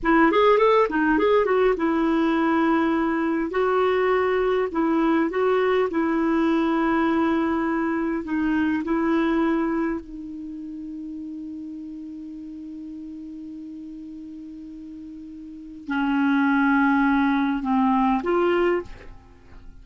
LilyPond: \new Staff \with { instrumentName = "clarinet" } { \time 4/4 \tempo 4 = 102 e'8 gis'8 a'8 dis'8 gis'8 fis'8 e'4~ | e'2 fis'2 | e'4 fis'4 e'2~ | e'2 dis'4 e'4~ |
e'4 dis'2.~ | dis'1~ | dis'2. cis'4~ | cis'2 c'4 f'4 | }